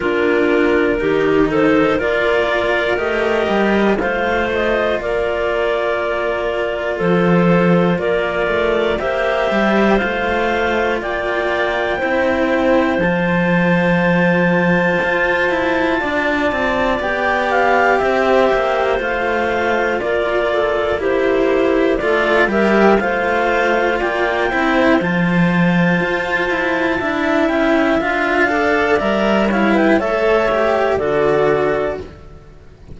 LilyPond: <<
  \new Staff \with { instrumentName = "clarinet" } { \time 4/4 \tempo 4 = 60 ais'4. c''8 d''4 dis''4 | f''8 dis''8 d''2 c''4 | d''4 e''4 f''4 g''4~ | g''4 a''2.~ |
a''4 g''8 f''8 e''4 f''4 | d''4 c''4 d''8 e''8 f''4 | g''4 a''2~ a''8 g''8 | f''4 e''8 f''16 g''16 e''4 d''4 | }
  \new Staff \with { instrumentName = "clarinet" } { \time 4/4 f'4 g'8 a'8 ais'2 | c''4 ais'2 a'4 | ais'4 c''2 d''4 | c''1 |
d''2 c''2 | ais'8 a'8 g'4 a'8 ais'8 c''4 | d''8 c''2~ c''8 e''4~ | e''8 d''4 cis''16 b'16 cis''4 a'4 | }
  \new Staff \with { instrumentName = "cello" } { \time 4/4 d'4 dis'4 f'4 g'4 | f'1~ | f'4 g'4 f'2 | e'4 f'2.~ |
f'4 g'2 f'4~ | f'4 e'4 f'8 g'8 f'4~ | f'8 e'8 f'2 e'4 | f'8 a'8 ais'8 e'8 a'8 g'8 fis'4 | }
  \new Staff \with { instrumentName = "cello" } { \time 4/4 ais4 dis4 ais4 a8 g8 | a4 ais2 f4 | ais8 a8 ais8 g8 a4 ais4 | c'4 f2 f'8 e'8 |
d'8 c'8 b4 c'8 ais8 a4 | ais2 a8 g8 a4 | ais8 c'8 f4 f'8 e'8 d'8 cis'8 | d'4 g4 a4 d4 | }
>>